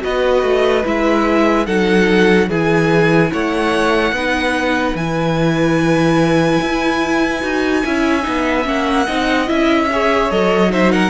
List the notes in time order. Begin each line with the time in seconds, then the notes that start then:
0.00 B3 F#4 B4 D#5
0.43 A3
0.85 G#3 E4 E5
1.66 F#3 D#4 A4 F#5
2.49 E3 E4 G#4 G#5
3.33 A3 C#5 F#5
4.12 B3 D#4 B4
4.95 E3 E4 G#5
6.61 E4
7.41 D#4 F#4
7.85 C#4 E4 E5
8.21 D#4
8.28 B3
8.64 A#3 C#4 F#5
9.06 C4 D#4 D#5
9.46 C#4 E4 E5
9.92 G#4 C#5
10.31 F#3 A4 D#5
10.70 D#4 C5 E5
10.92 A#4 F#5